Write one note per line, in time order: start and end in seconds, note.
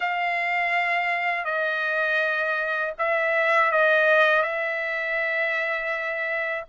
0.00 1.44 F5
1.44 2.93 D#5
2.98 3.71 E5
3.71 4.42 D#5
4.42 6.64 E5